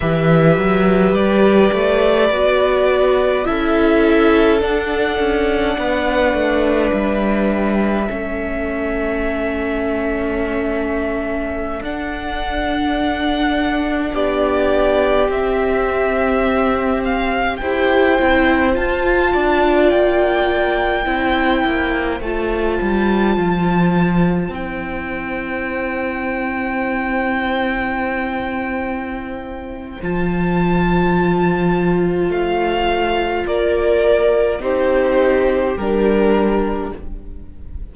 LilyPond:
<<
  \new Staff \with { instrumentName = "violin" } { \time 4/4 \tempo 4 = 52 e''4 d''2 e''4 | fis''2 e''2~ | e''2~ e''16 fis''4.~ fis''16~ | fis''16 d''4 e''4. f''8 g''8.~ |
g''16 a''4 g''2 a''8.~ | a''4~ a''16 g''2~ g''8.~ | g''2 a''2 | f''4 d''4 c''4 ais'4 | }
  \new Staff \with { instrumentName = "violin" } { \time 4/4 b'2. a'4~ | a'4 b'2 a'4~ | a'1~ | a'16 g'2. c''8.~ |
c''8. d''4. c''4.~ c''16~ | c''1~ | c''1~ | c''4 ais'4 g'2 | }
  \new Staff \with { instrumentName = "viola" } { \time 4/4 g'2 fis'4 e'4 | d'2. cis'4~ | cis'2~ cis'16 d'4.~ d'16~ | d'4~ d'16 c'2 g'8 e'16~ |
e'16 f'2 e'4 f'8.~ | f'4~ f'16 e'2~ e'8.~ | e'2 f'2~ | f'2 dis'4 d'4 | }
  \new Staff \with { instrumentName = "cello" } { \time 4/4 e8 fis8 g8 a8 b4 cis'4 | d'8 cis'8 b8 a8 g4 a4~ | a2~ a16 d'4.~ d'16~ | d'16 b4 c'2 e'8 c'16~ |
c'16 f'8 d'8 ais4 c'8 ais8 a8 g16~ | g16 f4 c'2~ c'8.~ | c'2 f2 | a4 ais4 c'4 g4 | }
>>